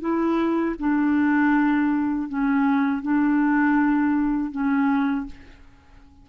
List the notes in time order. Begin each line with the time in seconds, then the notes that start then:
0.00 E4
0.79 D4
2.28 C#4
3.02 D4
4.51 C#4